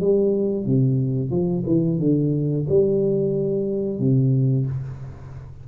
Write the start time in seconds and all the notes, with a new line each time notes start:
0.00 G3
0.65 C3
1.30 F3
1.66 E3
1.99 D3
2.69 G3
3.99 C3